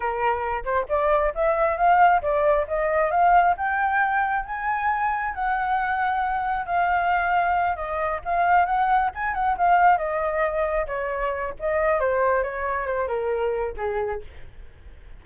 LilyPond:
\new Staff \with { instrumentName = "flute" } { \time 4/4 \tempo 4 = 135 ais'4. c''8 d''4 e''4 | f''4 d''4 dis''4 f''4 | g''2 gis''2 | fis''2. f''4~ |
f''4. dis''4 f''4 fis''8~ | fis''8 gis''8 fis''8 f''4 dis''4.~ | dis''8 cis''4. dis''4 c''4 | cis''4 c''8 ais'4. gis'4 | }